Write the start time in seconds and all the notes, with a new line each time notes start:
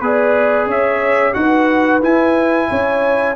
0.00 B3 G#4 B4 D5
0.66 C#4 C#5 E5
1.33 D#4 F#4 B4 F#5
2.01 E4 G#5
2.69 C#4 C#5